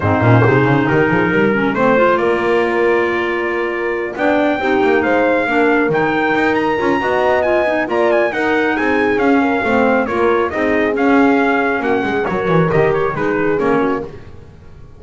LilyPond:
<<
  \new Staff \with { instrumentName = "trumpet" } { \time 4/4 \tempo 4 = 137 c''2 ais'2 | c''4 d''2.~ | d''4. g''2 f''8~ | f''4. g''4. ais''4~ |
ais''4 gis''4 ais''8 gis''8 fis''4 | gis''4 f''2 cis''4 | dis''4 f''2 fis''4 | cis''4 dis''8 cis''8 b'4 cis''4 | }
  \new Staff \with { instrumentName = "horn" } { \time 4/4 dis'4 gis'4 g'8 gis'8 ais'4 | c''4 ais'2.~ | ais'4. d''4 g'4 c''8~ | c''8 ais'2.~ ais'8 |
dis''2 d''4 ais'4 | gis'4. ais'8 c''4 ais'4 | gis'2. fis'8 gis'8 | ais'2 gis'4. fis'8 | }
  \new Staff \with { instrumentName = "clarinet" } { \time 4/4 c'8 cis'8 dis'2~ dis'8 cis'8 | c'8 f'2.~ f'8~ | f'4. d'4 dis'4.~ | dis'8 d'4 dis'2 f'8 |
fis'4 f'8 dis'8 f'4 dis'4~ | dis'4 cis'4 c'4 f'4 | dis'4 cis'2. | fis'4 g'4 dis'4 cis'4 | }
  \new Staff \with { instrumentName = "double bass" } { \time 4/4 gis,8 ais,8 c8 cis8 dis8 f8 g4 | a4 ais2.~ | ais4. b4 c'8 ais8 gis8~ | gis8 ais4 dis4 dis'4 cis'8 |
b2 ais4 dis'4 | c'4 cis'4 a4 ais4 | c'4 cis'2 ais8 gis8 | fis8 e8 dis4 gis4 ais4 | }
>>